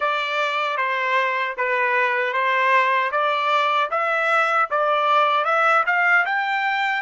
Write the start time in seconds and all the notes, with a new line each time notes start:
0.00 D5
0.77 C5
1.57 B4
2.33 C5
3.11 D5
3.90 E5
4.70 D5
5.44 E5
5.86 F5
6.26 G5